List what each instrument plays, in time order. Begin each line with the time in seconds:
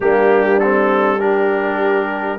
0.00 tuba G3, trombone A#3, horn D4, trumpet G4
0.59 trombone C4, trumpet A4
1.19 trombone D4, horn G4, trumpet A#4